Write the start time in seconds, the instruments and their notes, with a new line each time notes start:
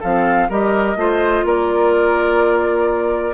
0.00 bassoon F3, clarinet C4, oboe A4, flute F5
0.49 bassoon G3, clarinet G4, oboe A#4, flute D#5
0.96 bassoon A3, clarinet F4, oboe C5
1.44 bassoon A#3, oboe A#4, flute D5